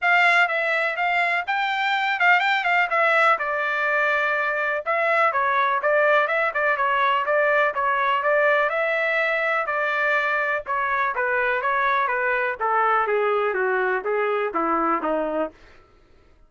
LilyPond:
\new Staff \with { instrumentName = "trumpet" } { \time 4/4 \tempo 4 = 124 f''4 e''4 f''4 g''4~ | g''8 f''8 g''8 f''8 e''4 d''4~ | d''2 e''4 cis''4 | d''4 e''8 d''8 cis''4 d''4 |
cis''4 d''4 e''2 | d''2 cis''4 b'4 | cis''4 b'4 a'4 gis'4 | fis'4 gis'4 e'4 dis'4 | }